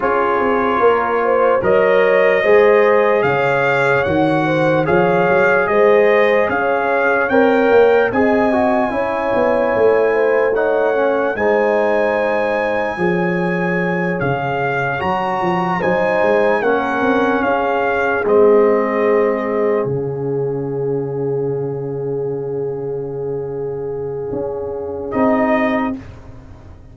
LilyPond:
<<
  \new Staff \with { instrumentName = "trumpet" } { \time 4/4 \tempo 4 = 74 cis''2 dis''2 | f''4 fis''4 f''4 dis''4 | f''4 g''4 gis''2~ | gis''4 fis''4 gis''2~ |
gis''4. f''4 ais''4 gis''8~ | gis''8 fis''4 f''4 dis''4.~ | dis''8 f''2.~ f''8~ | f''2. dis''4 | }
  \new Staff \with { instrumentName = "horn" } { \time 4/4 gis'4 ais'8 c''8 cis''4 c''4 | cis''4. c''8 cis''4 c''4 | cis''2 dis''4 cis''4~ | cis''8 c''8 cis''4 c''2 |
cis''2.~ cis''8 c''8~ | c''8 ais'4 gis'2~ gis'8~ | gis'1~ | gis'1 | }
  \new Staff \with { instrumentName = "trombone" } { \time 4/4 f'2 ais'4 gis'4~ | gis'4 fis'4 gis'2~ | gis'4 ais'4 gis'8 fis'8 e'4~ | e'4 dis'8 cis'8 dis'2 |
gis'2~ gis'8 fis'4 dis'8~ | dis'8 cis'2 c'4.~ | c'8 cis'2.~ cis'8~ | cis'2. dis'4 | }
  \new Staff \with { instrumentName = "tuba" } { \time 4/4 cis'8 c'8 ais4 fis4 gis4 | cis4 dis4 f8 fis8 gis4 | cis'4 c'8 ais8 c'4 cis'8 b8 | a2 gis2 |
f4. cis4 fis8 f8 fis8 | gis8 ais8 c'8 cis'4 gis4.~ | gis8 cis2.~ cis8~ | cis2 cis'4 c'4 | }
>>